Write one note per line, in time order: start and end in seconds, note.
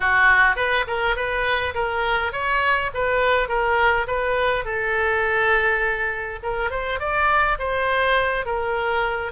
0.00 0.55 F#4
0.55 0.84 B4
0.87 1.15 A#4
1.15 1.74 B4
1.74 2.32 A#4
2.32 2.90 C#5
2.93 3.48 B4
3.48 4.06 A#4
4.07 4.64 B4
4.64 6.39 A4
6.43 6.70 A#4
6.70 6.99 C5
6.99 7.58 D5
7.58 8.45 C5
8.45 9.32 A#4